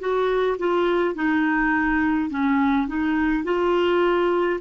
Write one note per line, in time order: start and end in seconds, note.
0.00 0.58 F#4
0.59 1.15 F4
1.15 2.31 D#4
2.31 2.88 C#4
2.88 3.45 D#4
3.45 4.60 F4